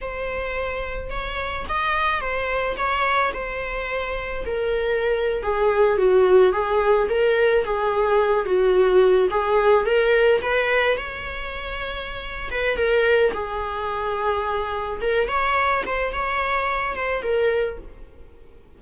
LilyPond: \new Staff \with { instrumentName = "viola" } { \time 4/4 \tempo 4 = 108 c''2 cis''4 dis''4 | c''4 cis''4 c''2 | ais'4.~ ais'16 gis'4 fis'4 gis'16~ | gis'8. ais'4 gis'4. fis'8.~ |
fis'8. gis'4 ais'4 b'4 cis''16~ | cis''2~ cis''8 b'8 ais'4 | gis'2. ais'8 cis''8~ | cis''8 c''8 cis''4. c''8 ais'4 | }